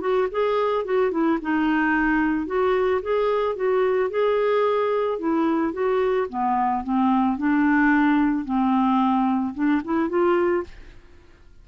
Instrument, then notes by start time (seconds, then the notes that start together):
clarinet
0.00 F#4
0.31 G#4
0.84 F#4
1.11 E4
1.41 D#4
2.46 F#4
3.02 G#4
3.55 F#4
4.10 G#4
5.19 E4
5.72 F#4
6.29 B3
6.84 C4
7.38 D4
8.45 C4
9.54 D4
9.84 E4
10.09 F4